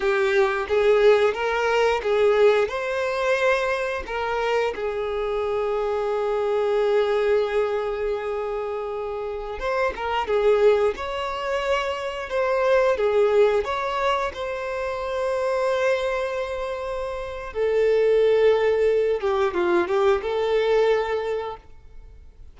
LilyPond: \new Staff \with { instrumentName = "violin" } { \time 4/4 \tempo 4 = 89 g'4 gis'4 ais'4 gis'4 | c''2 ais'4 gis'4~ | gis'1~ | gis'2~ gis'16 c''8 ais'8 gis'8.~ |
gis'16 cis''2 c''4 gis'8.~ | gis'16 cis''4 c''2~ c''8.~ | c''2 a'2~ | a'8 g'8 f'8 g'8 a'2 | }